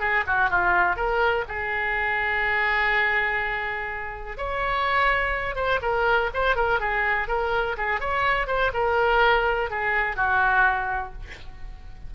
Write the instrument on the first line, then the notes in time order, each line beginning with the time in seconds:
oboe
0.00 G#4
0.27 F#4
0.50 F4
0.97 A#4
1.48 G#4
4.38 C#5
5.56 C5
5.82 A#4
6.34 C5
6.56 A#4
6.80 G#4
7.28 A#4
7.78 G#4
8.00 C#5
8.47 C5
8.74 A#4
9.70 G#4
10.16 F#4